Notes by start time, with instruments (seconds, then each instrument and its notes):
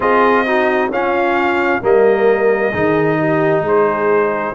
0.00 tuba C4, trombone F4, horn G#4, trumpet D#5
0.45 trombone D#4, horn F#4
0.89 tuba C#4, trombone C#4, horn F4, trumpet F5
1.81 tuba G3, trombone A#3, horn A#4, trumpet D#5
2.71 tuba D#3, trombone D#4, horn G#4
3.19 horn G4
3.60 tuba G#3, horn G#4
3.67 trumpet C5